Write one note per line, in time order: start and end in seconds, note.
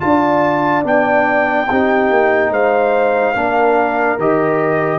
0.00 0.84 D4
0.00 0.84 F4
0.00 0.83 A5
0.06 1.70 D5
0.84 1.67 B3
0.84 1.67 D4
0.84 2.53 G5
1.70 2.10 C4
1.70 3.35 D#4
1.70 2.51 G4
2.10 2.50 A#3
2.50 3.34 G#3
2.50 3.33 C5
2.50 4.19 F5
3.33 4.18 A#3
3.33 4.18 D4
3.33 4.99 A#4
4.18 4.99 D#3
4.18 4.99 G4
4.18 4.99 D#5